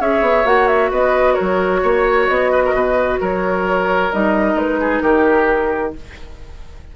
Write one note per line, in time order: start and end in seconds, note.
0.00 0.21 C#4
0.00 0.45 G#4
0.00 0.91 C#5
0.00 0.47 E5
0.21 0.44 B3
0.45 0.91 A#3
0.45 4.11 F#4
0.45 0.68 F#5
0.68 0.91 E5
0.91 1.38 B3
0.91 1.34 B4
0.91 1.34 D#5
1.34 1.80 A#4
1.34 2.26 C#5
1.40 1.83 F#3
1.83 2.29 A#3
1.83 2.52 C#5
2.27 2.73 B3
2.27 3.18 D#5
2.52 2.63 B4
2.65 2.75 A#4
2.73 3.19 B2
2.73 3.20 B4
3.20 4.13 F#3
3.20 4.80 A#4
3.20 4.13 C#5
4.13 4.55 G3
4.13 5.96 D#4
4.13 4.58 D#5
4.55 5.01 G#3
4.55 5.02 B4
4.80 5.03 G#4
5.02 5.94 D#3
5.02 5.94 G4
5.02 5.93 A#4